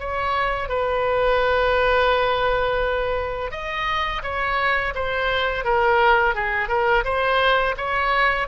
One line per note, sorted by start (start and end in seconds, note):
0.00 0.69 C#5
0.69 3.52 B4
3.52 4.22 D#5
4.23 4.94 C#5
4.95 5.65 C5
5.65 6.35 A#4
6.35 6.69 G#4
6.69 7.04 A#4
7.05 7.76 C5
7.78 8.48 C#5